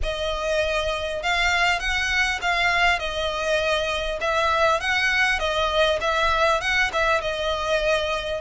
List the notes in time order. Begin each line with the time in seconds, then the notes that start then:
0.02 D#5
1.22 F5
1.79 F#5
2.41 F5
2.99 D#5
4.20 E5
4.80 F#5
5.39 D#5
6.00 E5
6.60 F#5
6.92 E5
7.21 D#5